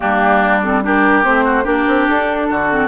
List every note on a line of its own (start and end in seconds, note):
0.00 1.25 G3
0.00 0.61 A#3
0.00 0.83 D4
0.00 0.62 G4
0.62 0.82 C4
0.62 0.83 A4
0.82 1.23 D4
0.82 1.44 G4
0.82 1.24 A#4
1.23 1.64 A3
1.23 1.64 C4
1.23 1.65 C5
1.44 1.63 F#4
1.63 1.85 A#3
1.63 2.67 D4
1.63 2.46 G4
1.63 2.07 A#4
1.87 2.08 C4
2.08 2.50 D4
2.08 2.87 A4
2.50 2.87 D3
2.50 2.87 F#4
2.70 2.87 C4